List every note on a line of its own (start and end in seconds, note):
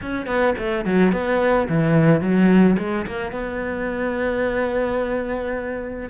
0.01 0.26 C#4
0.26 0.54 B3
0.57 0.85 A3
0.85 1.12 F#3
1.12 1.68 B3
1.68 2.20 E3
2.20 2.76 F#3
2.78 3.06 G#3
3.06 3.31 A#3
3.31 6.09 B3